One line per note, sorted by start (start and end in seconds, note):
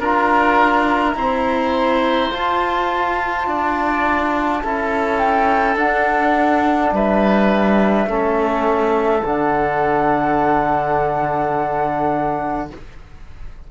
0.00 1.15 D4
0.00 1.16 F4
0.00 1.16 A#4
0.00 2.33 A#5
1.15 2.31 C4
1.15 2.30 E4
1.15 3.48 C5
2.31 4.62 F4
2.31 3.47 F4
2.31 5.18 A5
3.47 4.63 D4
3.47 4.63 D5
4.62 5.76 C#4
4.62 5.77 E4
4.62 6.94 A4
5.18 5.76 G5
5.76 6.91 D4
5.76 8.08 D4
5.76 6.94 F#5
6.92 8.06 G3
6.92 8.10 B4
6.92 9.25 E5
8.06 9.22 A3
8.06 9.23 C#4
8.06 12.71 A4
9.24 12.71 D3
9.24 12.70 D4
9.24 12.71 F#5